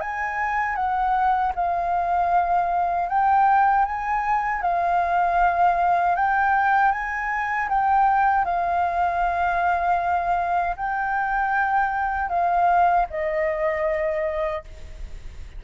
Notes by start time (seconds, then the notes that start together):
0.00 G#5
0.75 F#5
1.55 F5
3.08 G5
3.85 G#5
4.61 F5
6.15 G5
6.91 G#5
7.68 G5
8.44 F5
10.76 G5
12.29 F5
13.10 D#5